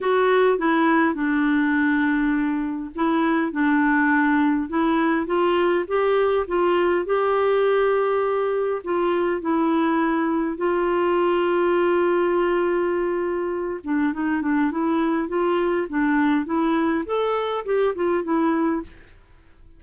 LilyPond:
\new Staff \with { instrumentName = "clarinet" } { \time 4/4 \tempo 4 = 102 fis'4 e'4 d'2~ | d'4 e'4 d'2 | e'4 f'4 g'4 f'4 | g'2. f'4 |
e'2 f'2~ | f'2.~ f'8 d'8 | dis'8 d'8 e'4 f'4 d'4 | e'4 a'4 g'8 f'8 e'4 | }